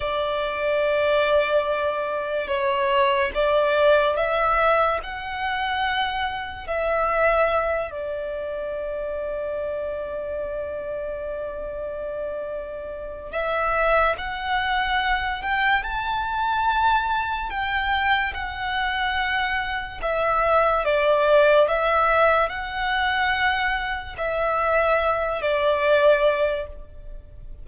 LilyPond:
\new Staff \with { instrumentName = "violin" } { \time 4/4 \tempo 4 = 72 d''2. cis''4 | d''4 e''4 fis''2 | e''4. d''2~ d''8~ | d''1 |
e''4 fis''4. g''8 a''4~ | a''4 g''4 fis''2 | e''4 d''4 e''4 fis''4~ | fis''4 e''4. d''4. | }